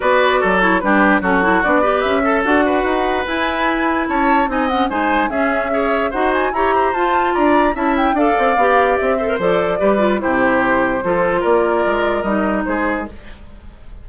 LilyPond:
<<
  \new Staff \with { instrumentName = "flute" } { \time 4/4 \tempo 4 = 147 d''4. cis''8 b'4 a'4 | d''4 e''4 fis''2 | gis''2 a''4 gis''8 fis''8 | gis''4 e''2 fis''8 gis''8 |
ais''4 a''4 ais''4 a''8 g''8 | f''2 e''4 d''4~ | d''4 c''2. | d''2 dis''4 c''4 | }
  \new Staff \with { instrumentName = "oboe" } { \time 4/4 b'4 a'4 g'4 fis'4~ | fis'8 b'4 a'4 b'4.~ | b'2 cis''4 dis''4 | c''4 gis'4 cis''4 c''4 |
cis''8 c''4. d''4 e''4 | d''2~ d''8 c''4. | b'4 g'2 a'4 | ais'2. gis'4 | }
  \new Staff \with { instrumentName = "clarinet" } { \time 4/4 fis'4. e'8 d'4 cis'8 e'8 | d'8 g'4 a'8 fis'2 | e'2. dis'8 cis'8 | dis'4 cis'4 gis'4 fis'4 |
g'4 f'2 e'4 | a'4 g'4. a'16 ais'16 a'4 | g'8 f'8 e'2 f'4~ | f'2 dis'2 | }
  \new Staff \with { instrumentName = "bassoon" } { \time 4/4 b4 fis4 g4 fis4 | b4 cis'4 d'4 dis'4 | e'2 cis'4 c'4 | gis4 cis'2 dis'4 |
e'4 f'4 d'4 cis'4 | d'8 c'8 b4 c'4 f4 | g4 c2 f4 | ais4 gis4 g4 gis4 | }
>>